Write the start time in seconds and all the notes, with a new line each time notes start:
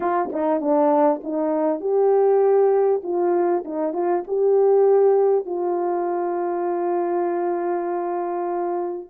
0.00 F4
0.32 D#4
0.60 D4
1.23 D#4
1.80 G4
3.03 F4
3.64 D#4
3.93 F4
4.27 G4
5.45 F4